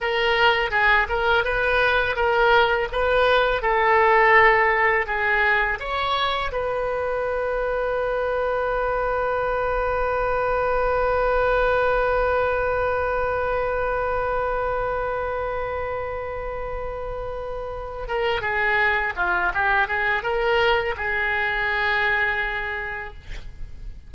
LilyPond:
\new Staff \with { instrumentName = "oboe" } { \time 4/4 \tempo 4 = 83 ais'4 gis'8 ais'8 b'4 ais'4 | b'4 a'2 gis'4 | cis''4 b'2.~ | b'1~ |
b'1~ | b'1~ | b'4 ais'8 gis'4 f'8 g'8 gis'8 | ais'4 gis'2. | }